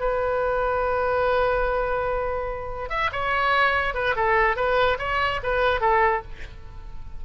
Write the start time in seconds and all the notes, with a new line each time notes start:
0.00 B4
2.90 E5
3.12 C#5
3.95 B4
4.16 A4
4.56 B4
4.99 C#5
5.43 B4
5.81 A4